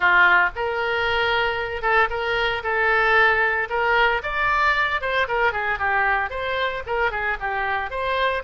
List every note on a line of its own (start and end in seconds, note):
0.00 0.49 F4
0.55 1.82 A#4
1.82 2.08 A4
2.10 2.62 A#4
2.63 3.68 A4
3.69 4.22 A#4
4.22 5.01 D5
5.01 5.27 C5
5.28 5.52 A#4
5.52 5.78 G#4
5.78 6.30 G4
6.30 6.82 C5
6.86 7.11 A#4
7.11 7.37 G#4
7.39 7.90 G4
7.90 8.43 C5